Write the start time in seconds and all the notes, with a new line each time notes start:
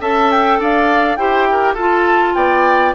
0.00 C#4 A4 E5 A5
0.31 G5
0.59 D4 D5 F5
1.16 E4 G4 C5 G5
1.51 A#4
1.74 F4 A4 A5
2.34 B3 D5 G5